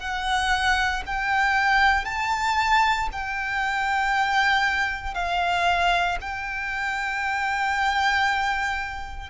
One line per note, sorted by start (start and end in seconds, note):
0.00 1.03 F#5
1.06 2.05 G5
2.05 3.09 A5
3.13 5.14 G5
5.14 6.18 F5
6.22 9.31 G5